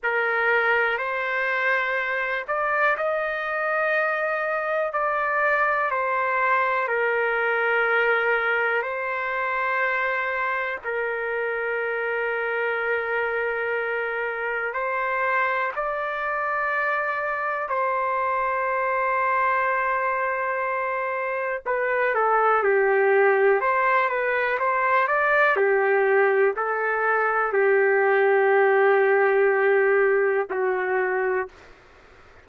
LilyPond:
\new Staff \with { instrumentName = "trumpet" } { \time 4/4 \tempo 4 = 61 ais'4 c''4. d''8 dis''4~ | dis''4 d''4 c''4 ais'4~ | ais'4 c''2 ais'4~ | ais'2. c''4 |
d''2 c''2~ | c''2 b'8 a'8 g'4 | c''8 b'8 c''8 d''8 g'4 a'4 | g'2. fis'4 | }